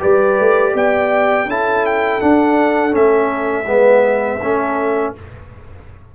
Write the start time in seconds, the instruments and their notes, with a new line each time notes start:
0.00 tuba G3, trombone G4, horn B4, trumpet D5
0.40 tuba A3
0.74 tuba B3, horn D5, trumpet G5
1.46 tuba C#4, trombone E4, horn A4, trumpet A5
1.86 trumpet G5
2.21 trombone D4, tuba D4, trumpet F#5
2.91 tuba A3, trombone C#4, trumpet E5
3.67 tuba G#3, trombone B3, horn B4
4.39 tuba A3, trombone C#4, horn A4